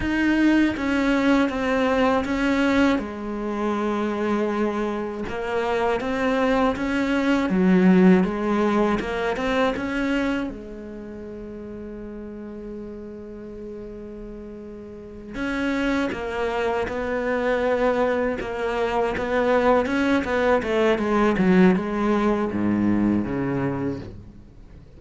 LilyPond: \new Staff \with { instrumentName = "cello" } { \time 4/4 \tempo 4 = 80 dis'4 cis'4 c'4 cis'4 | gis2. ais4 | c'4 cis'4 fis4 gis4 | ais8 c'8 cis'4 gis2~ |
gis1~ | gis8 cis'4 ais4 b4.~ | b8 ais4 b4 cis'8 b8 a8 | gis8 fis8 gis4 gis,4 cis4 | }